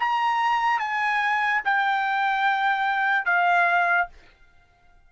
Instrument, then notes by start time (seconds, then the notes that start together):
trumpet
0.00 A#5
0.80 G#5
1.65 G5
3.26 F5